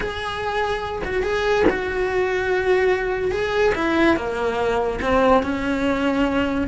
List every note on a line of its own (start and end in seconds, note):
0.00 1.02 G#4
1.04 1.23 F#4
1.23 1.64 G#4
1.69 3.31 F#4
3.31 3.73 G#4
3.74 4.16 E4
4.16 4.99 A#3
5.01 5.42 C4
5.42 6.67 C#4